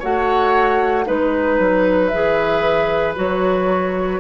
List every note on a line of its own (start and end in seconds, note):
0.00 1.09 A3
0.00 1.06 F#4
0.00 1.05 C#5
0.00 1.08 F#5
1.06 1.59 G#3
1.06 2.11 D#4
1.06 4.20 B4
1.06 2.09 B4
1.59 2.12 F#3
2.09 3.18 E3
2.09 3.16 G#4
2.09 3.14 E5
3.16 4.20 F#3
3.16 4.20 F#4
3.16 4.20 C#5